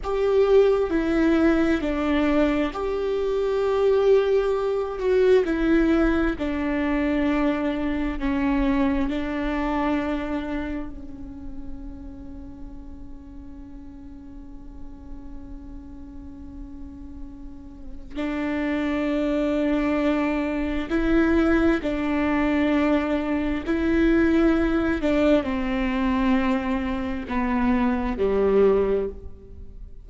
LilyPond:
\new Staff \with { instrumentName = "viola" } { \time 4/4 \tempo 4 = 66 g'4 e'4 d'4 g'4~ | g'4. fis'8 e'4 d'4~ | d'4 cis'4 d'2 | cis'1~ |
cis'1 | d'2. e'4 | d'2 e'4. d'8 | c'2 b4 g4 | }